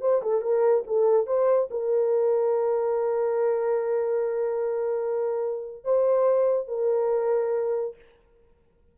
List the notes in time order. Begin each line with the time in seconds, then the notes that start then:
0.00 C5
0.22 A4
0.41 A#4
0.86 A4
1.26 C5
1.70 A#4
5.84 C5
6.67 A#4